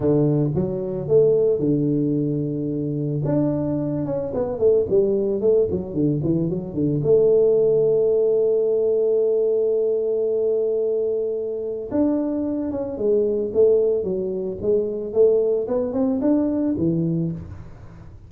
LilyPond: \new Staff \with { instrumentName = "tuba" } { \time 4/4 \tempo 4 = 111 d4 fis4 a4 d4~ | d2 d'4. cis'8 | b8 a8 g4 a8 fis8 d8 e8 | fis8 d8 a2.~ |
a1~ | a2 d'4. cis'8 | gis4 a4 fis4 gis4 | a4 b8 c'8 d'4 e4 | }